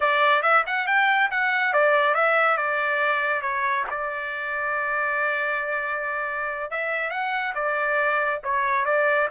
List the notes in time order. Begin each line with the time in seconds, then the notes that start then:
0.00 D5
0.42 E5
0.66 F#5
0.86 G5
1.30 F#5
1.73 D5
2.14 E5
2.57 D5
3.41 C#5
3.90 D5
6.71 E5
7.10 F#5
7.55 D5
8.43 C#5
8.85 D5